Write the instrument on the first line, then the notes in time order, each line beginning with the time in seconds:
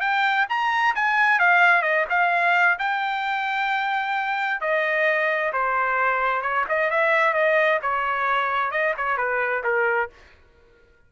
trumpet
0.00 G5
0.49 A#5
0.95 G#5
1.39 F5
1.82 D#5
2.09 F5
2.78 G5
4.61 D#5
5.53 C5
6.41 C#5
6.68 D#5
6.90 E5
7.33 D#5
7.82 C#5
8.71 D#5
8.97 C#5
9.17 B4
9.63 A#4